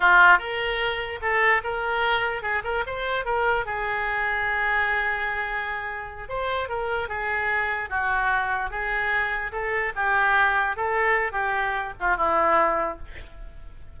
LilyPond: \new Staff \with { instrumentName = "oboe" } { \time 4/4 \tempo 4 = 148 f'4 ais'2 a'4 | ais'2 gis'8 ais'8 c''4 | ais'4 gis'2.~ | gis'2.~ gis'8 c''8~ |
c''8 ais'4 gis'2 fis'8~ | fis'4. gis'2 a'8~ | a'8 g'2 a'4. | g'4. f'8 e'2 | }